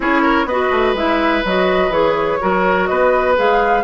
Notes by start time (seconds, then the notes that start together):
0.00 C#4 E4 G#4 C#5
0.22 A#4
0.45 B3 F#4 B4 D#5
0.70 A3
0.94 G#3 E4 E5
1.44 F#3 F#4 D#5
1.89 E3 G#4 C#5
2.40 F#3 F#4 A#4
2.85 B3 B4 D#5
3.35 G#3 G#4 F5